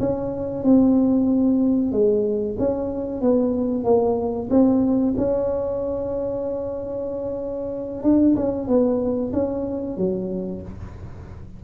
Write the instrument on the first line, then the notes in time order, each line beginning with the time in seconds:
tuba
0.00 C#4
0.64 C4
1.92 G#3
2.59 C#4
3.21 B3
3.84 A#3
4.50 C4
5.17 C#4
8.03 D4
8.36 C#4
8.67 B3
9.33 C#4
9.97 F#3